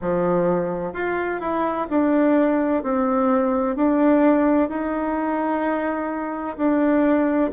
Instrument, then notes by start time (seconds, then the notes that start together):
bassoon
0.01 F3
0.93 F4
1.40 E4
1.89 D4
2.83 C4
3.75 D4
4.69 D#4
6.57 D4